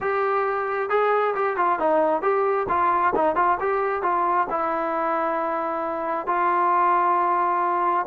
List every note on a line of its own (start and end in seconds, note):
0.00 0.89 G4
0.89 1.34 G#4
1.35 1.56 G4
1.56 1.79 F4
1.79 2.22 D#4
2.22 2.66 G4
2.69 3.13 F4
3.15 3.35 D#4
3.35 3.58 F4
3.59 4.02 G4
4.02 4.47 F4
4.50 6.26 E4
6.26 8.06 F4